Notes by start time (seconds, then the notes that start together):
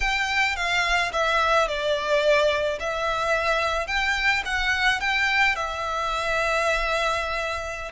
0.00 G5
0.56 F5
1.12 E5
1.67 D5
2.79 E5
3.87 G5
4.45 F#5
5.00 G5
5.55 E5